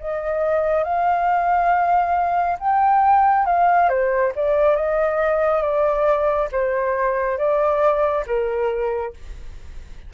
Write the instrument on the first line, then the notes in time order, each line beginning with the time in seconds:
flute
0.00 D#5
0.84 F5
2.60 G5
3.46 F5
3.89 C5
4.36 D5
4.76 D#5
5.62 D5
6.52 C5
7.38 D5
8.27 A#4